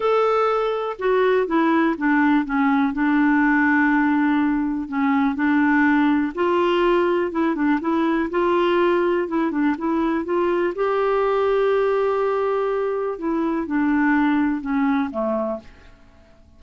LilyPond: \new Staff \with { instrumentName = "clarinet" } { \time 4/4 \tempo 4 = 123 a'2 fis'4 e'4 | d'4 cis'4 d'2~ | d'2 cis'4 d'4~ | d'4 f'2 e'8 d'8 |
e'4 f'2 e'8 d'8 | e'4 f'4 g'2~ | g'2. e'4 | d'2 cis'4 a4 | }